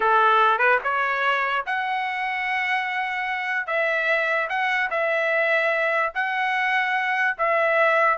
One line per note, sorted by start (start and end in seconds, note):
0.00 0.58 A4
0.58 0.79 B4
0.83 1.65 C#5
1.66 3.66 F#5
3.66 4.48 E5
4.49 4.90 F#5
4.90 6.12 E5
6.14 7.36 F#5
7.37 8.18 E5